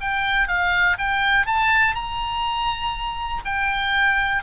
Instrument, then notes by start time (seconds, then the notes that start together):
oboe
0.00 G5
0.47 F5
0.98 G5
1.46 A5
1.95 A#5
3.44 G5